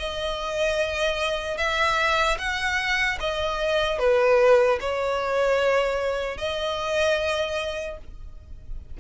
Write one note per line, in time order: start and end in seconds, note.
0.00 1.58 D#5
1.58 2.38 E5
2.39 3.19 F#5
3.20 3.99 D#5
3.99 4.79 B4
4.81 6.38 C#5
6.38 7.98 D#5